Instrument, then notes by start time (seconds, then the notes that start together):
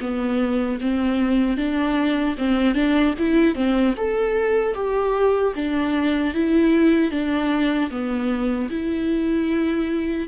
viola
0.00 B3
0.80 C4
1.56 D4
2.38 C4
2.75 D4
3.18 E4
3.55 C4
3.97 A4
4.74 G4
5.56 D4
6.34 E4
7.11 D4
7.90 B3
8.70 E4